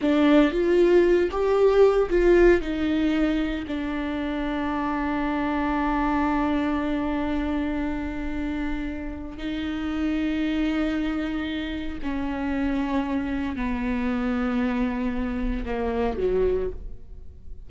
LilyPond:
\new Staff \with { instrumentName = "viola" } { \time 4/4 \tempo 4 = 115 d'4 f'4. g'4. | f'4 dis'2 d'4~ | d'1~ | d'1~ |
d'2 dis'2~ | dis'2. cis'4~ | cis'2 b2~ | b2 ais4 fis4 | }